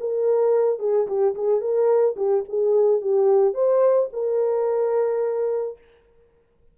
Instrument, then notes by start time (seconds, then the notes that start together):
horn
0.00 A#4
0.79 G#4
1.07 G4
1.35 G#4
1.60 A#4
2.16 G4
2.49 G#4
3.01 G4
3.54 C5
4.13 A#4